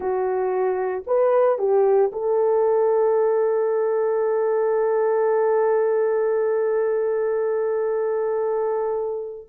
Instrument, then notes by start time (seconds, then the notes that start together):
horn
0.00 F#4
1.06 B4
1.58 G4
2.12 A4